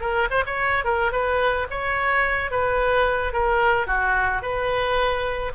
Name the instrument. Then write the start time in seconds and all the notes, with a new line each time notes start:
oboe
0.00 A#4
0.30 C5
0.46 C#5
0.84 A#4
1.12 B4
1.70 C#5
2.50 B4
3.32 A#4
3.86 F#4
4.42 B4